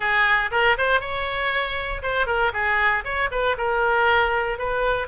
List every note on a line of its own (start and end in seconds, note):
0.00 0.50 G#4
0.51 0.76 A#4
0.77 1.00 C5
1.00 2.02 C#5
2.02 2.26 C5
2.26 2.51 A#4
2.53 3.03 G#4
3.04 3.29 C#5
3.31 3.56 B4
3.57 4.58 A#4
4.58 5.07 B4